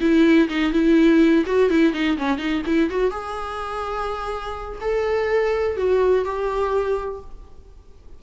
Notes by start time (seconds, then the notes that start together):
0.00 E4
0.48 D#4
0.72 E4
1.46 F#4
1.70 E4
1.93 D#4
2.17 C#4
2.38 D#4
2.66 E4
2.90 F#4
3.10 G#4
4.80 A4
5.76 F#4
6.24 G4